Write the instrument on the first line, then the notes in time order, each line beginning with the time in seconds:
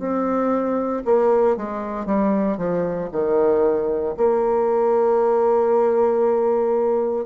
bassoon
0.00 C4
1.05 A#3
1.57 G#3
2.06 G3
2.58 F3
3.12 D#3
4.18 A#3